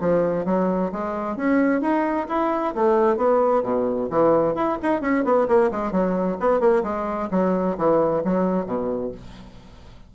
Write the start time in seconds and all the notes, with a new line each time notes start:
0.00 F3
0.45 F#3
0.92 G#3
1.36 C#4
1.81 D#4
2.28 E4
2.74 A3
3.17 B3
3.63 B2
4.10 E3
4.55 E4
4.82 D#4
5.01 C#4
5.24 B3
5.48 A#3
5.71 G#3
5.91 F#3
6.40 B3
6.60 A#3
6.83 G#3
7.31 F#3
7.77 E3
8.24 F#3
8.66 B2